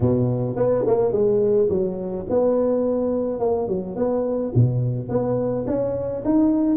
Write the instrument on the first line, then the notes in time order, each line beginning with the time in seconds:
tuba
0.00 B2
0.56 B3
0.86 A#3
1.11 G#3
1.69 F#3
2.29 B3
3.39 A#3
3.68 F#3
3.96 B3
4.54 B2
5.08 B3
5.66 C#4
6.24 D#4